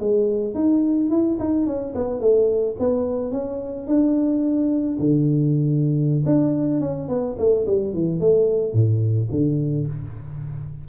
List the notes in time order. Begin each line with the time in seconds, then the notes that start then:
0.00 G#3
0.55 D#4
1.10 E4
1.40 D#4
1.67 C#4
1.95 B3
2.21 A3
2.80 B3
3.32 C#4
3.88 D4
4.99 D3
6.26 D4
6.81 C#4
7.09 B3
7.39 A3
7.67 G3
7.94 E3
8.20 A3
8.74 A2
9.32 D3